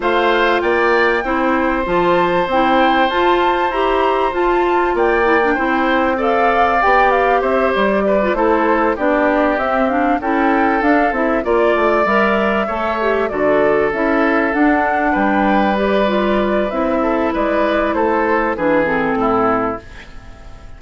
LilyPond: <<
  \new Staff \with { instrumentName = "flute" } { \time 4/4 \tempo 4 = 97 f''4 g''2 a''4 | g''4 a''4 ais''4 a''4 | g''2 f''4 g''8 f''8 | e''8 d''4 c''4 d''4 e''8 |
f''8 g''4 f''8 e''8 d''4 e''8~ | e''4. d''4 e''4 fis''8~ | fis''8 g''4 d''4. e''4 | d''4 c''4 b'8 a'4. | }
  \new Staff \with { instrumentName = "oboe" } { \time 4/4 c''4 d''4 c''2~ | c''1 | d''4 c''4 d''2 | c''4 b'8 a'4 g'4.~ |
g'8 a'2 d''4.~ | d''8 cis''4 a'2~ a'8~ | a'8 b'2. a'8 | b'4 a'4 gis'4 e'4 | }
  \new Staff \with { instrumentName = "clarinet" } { \time 4/4 f'2 e'4 f'4 | e'4 f'4 g'4 f'4~ | f'8 e'16 d'16 e'4 a'4 g'4~ | g'4~ g'16 f'16 e'4 d'4 c'8 |
d'8 e'4 d'8 e'8 f'4 ais'8~ | ais'8 a'8 g'8 fis'4 e'4 d'8~ | d'4. g'8 f'4 e'4~ | e'2 d'8 c'4. | }
  \new Staff \with { instrumentName = "bassoon" } { \time 4/4 a4 ais4 c'4 f4 | c'4 f'4 e'4 f'4 | ais4 c'2 b4 | c'8 g4 a4 b4 c'8~ |
c'8 cis'4 d'8 c'8 ais8 a8 g8~ | g8 a4 d4 cis'4 d'8~ | d'8 g2~ g8 c'4 | gis4 a4 e4 a,4 | }
>>